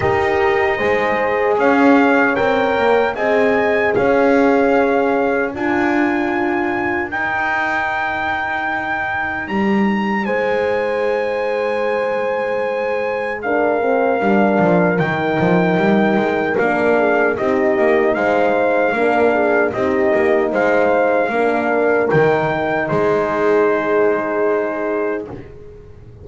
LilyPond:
<<
  \new Staff \with { instrumentName = "trumpet" } { \time 4/4 \tempo 4 = 76 dis''2 f''4 g''4 | gis''4 f''2 gis''4~ | gis''4 g''2. | ais''4 gis''2.~ |
gis''4 f''2 g''4~ | g''4 f''4 dis''4 f''4~ | f''4 dis''4 f''2 | g''4 c''2. | }
  \new Staff \with { instrumentName = "horn" } { \time 4/4 ais'4 c''4 cis''2 | dis''4 cis''2 ais'4~ | ais'1~ | ais'4 c''2.~ |
c''4 ais'2.~ | ais'4. gis'8 g'4 c''4 | ais'8 gis'8 g'4 c''4 ais'4~ | ais'4 gis'2. | }
  \new Staff \with { instrumentName = "horn" } { \time 4/4 g'4 gis'2 ais'4 | gis'2. f'4~ | f'4 dis'2.~ | dis'1~ |
dis'4 d'8 c'8 d'4 dis'4~ | dis'4 d'4 dis'2 | d'4 dis'2 d'4 | dis'1 | }
  \new Staff \with { instrumentName = "double bass" } { \time 4/4 dis'4 gis4 cis'4 c'8 ais8 | c'4 cis'2 d'4~ | d'4 dis'2. | g4 gis2.~ |
gis2 g8 f8 dis8 f8 | g8 gis8 ais4 c'8 ais8 gis4 | ais4 c'8 ais8 gis4 ais4 | dis4 gis2. | }
>>